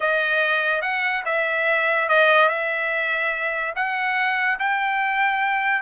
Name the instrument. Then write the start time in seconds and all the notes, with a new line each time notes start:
trumpet
0.00 D#5
0.81 F#5
1.25 E5
2.08 D#5
2.48 E5
3.75 F#5
4.59 G5